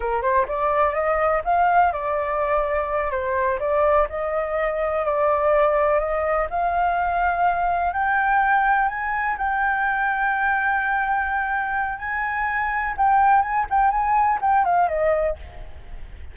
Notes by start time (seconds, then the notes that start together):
0.00 A#4
0.21 C5
0.48 D5
0.94 D#5
1.44 F5
1.92 D5
3.10 C5
3.59 D5
4.09 D#5
5.05 D5
5.99 D#5
6.50 F5
7.93 G5
8.88 G#5
9.37 G5
11.98 G#5
12.97 G5
13.42 G#5
13.70 G5
13.90 G#5
14.41 G5
14.64 F5
14.88 D#5